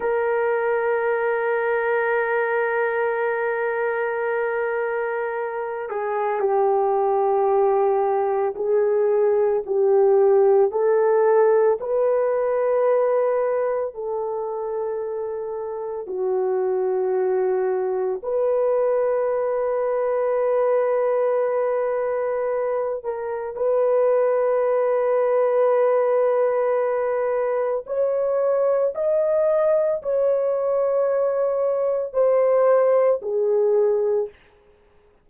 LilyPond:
\new Staff \with { instrumentName = "horn" } { \time 4/4 \tempo 4 = 56 ais'1~ | ais'4. gis'8 g'2 | gis'4 g'4 a'4 b'4~ | b'4 a'2 fis'4~ |
fis'4 b'2.~ | b'4. ais'8 b'2~ | b'2 cis''4 dis''4 | cis''2 c''4 gis'4 | }